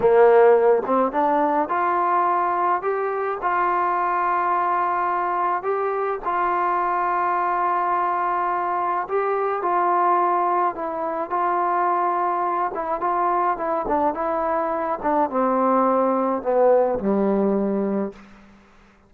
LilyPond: \new Staff \with { instrumentName = "trombone" } { \time 4/4 \tempo 4 = 106 ais4. c'8 d'4 f'4~ | f'4 g'4 f'2~ | f'2 g'4 f'4~ | f'1 |
g'4 f'2 e'4 | f'2~ f'8 e'8 f'4 | e'8 d'8 e'4. d'8 c'4~ | c'4 b4 g2 | }